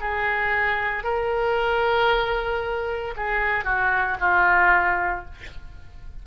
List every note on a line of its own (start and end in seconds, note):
0.00 1.03 G#4
1.03 3.14 A#4
3.16 3.64 G#4
3.64 4.17 F#4
4.20 5.25 F4